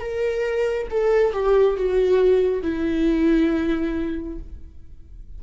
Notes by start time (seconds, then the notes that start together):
0.00 A#4
0.91 A4
1.33 G4
1.77 F#4
2.63 E4